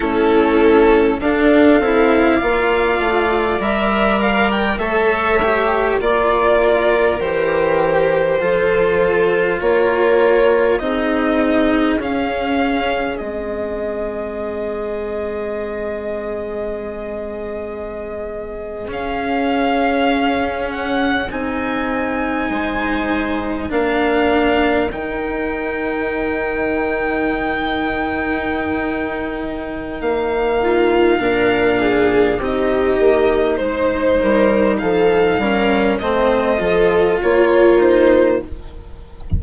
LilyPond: <<
  \new Staff \with { instrumentName = "violin" } { \time 4/4 \tempo 4 = 50 a'4 f''2 e''8 f''16 g''16 | e''4 d''4 c''2 | cis''4 dis''4 f''4 dis''4~ | dis''2.~ dis''8. f''16~ |
f''4~ f''16 fis''8 gis''2 f''16~ | f''8. g''2.~ g''16~ | g''4 f''2 dis''4 | c''4 f''4 dis''4 cis''8 c''8 | }
  \new Staff \with { instrumentName = "viola" } { \time 4/4 e'4 a'4 d''2 | cis''4 d''8 ais'4. a'4 | ais'4 gis'2.~ | gis'1~ |
gis'2~ gis'8. c''4 ais'16~ | ais'1~ | ais'4. f'8 ais'8 gis'8 g'4 | c''8 ais'8 a'8 ais'8 c''8 a'8 f'4 | }
  \new Staff \with { instrumentName = "cello" } { \time 4/4 cis'4 d'8 e'8 f'4 ais'4 | a'8 g'8 f'4 g'4 f'4~ | f'4 dis'4 cis'4 c'4~ | c'2.~ c'8. cis'16~ |
cis'4.~ cis'16 dis'2 d'16~ | d'8. dis'2.~ dis'16~ | dis'2 d'4 dis'4~ | dis'4. cis'8 c'8 f'4 dis'8 | }
  \new Staff \with { instrumentName = "bassoon" } { \time 4/4 a4 d'8 c'8 ais8 a8 g4 | a4 ais4 e4 f4 | ais4 c'4 cis'4 gis4~ | gis2.~ gis8. cis'16~ |
cis'4.~ cis'16 c'4 gis4 ais16~ | ais8. dis2.~ dis16~ | dis4 ais4 ais,4 c'8 ais8 | gis8 g8 f8 g8 a8 f8 ais4 | }
>>